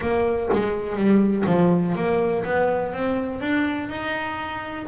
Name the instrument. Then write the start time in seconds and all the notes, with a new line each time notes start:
double bass
0.00 A#3
0.52 G#3
0.96 G3
1.46 F3
1.95 A#3
2.44 B3
2.93 C4
3.41 D4
3.89 D#4